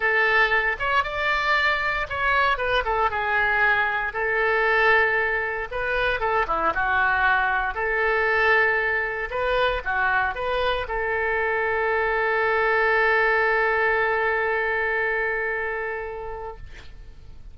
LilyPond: \new Staff \with { instrumentName = "oboe" } { \time 4/4 \tempo 4 = 116 a'4. cis''8 d''2 | cis''4 b'8 a'8 gis'2 | a'2. b'4 | a'8 e'8 fis'2 a'4~ |
a'2 b'4 fis'4 | b'4 a'2.~ | a'1~ | a'1 | }